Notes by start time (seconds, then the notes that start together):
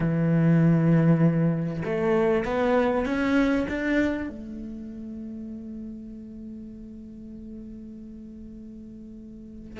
0.00 E3
1.85 A3
2.44 B3
3.05 C#4
3.68 D4
4.29 A3